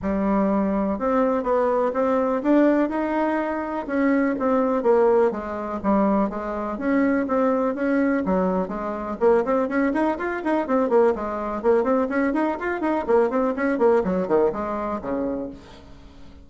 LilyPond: \new Staff \with { instrumentName = "bassoon" } { \time 4/4 \tempo 4 = 124 g2 c'4 b4 | c'4 d'4 dis'2 | cis'4 c'4 ais4 gis4 | g4 gis4 cis'4 c'4 |
cis'4 fis4 gis4 ais8 c'8 | cis'8 dis'8 f'8 dis'8 c'8 ais8 gis4 | ais8 c'8 cis'8 dis'8 f'8 dis'8 ais8 c'8 | cis'8 ais8 fis8 dis8 gis4 cis4 | }